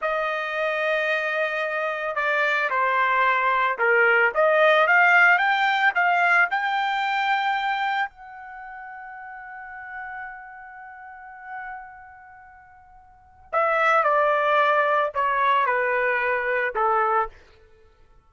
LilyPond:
\new Staff \with { instrumentName = "trumpet" } { \time 4/4 \tempo 4 = 111 dis''1 | d''4 c''2 ais'4 | dis''4 f''4 g''4 f''4 | g''2. fis''4~ |
fis''1~ | fis''1~ | fis''4 e''4 d''2 | cis''4 b'2 a'4 | }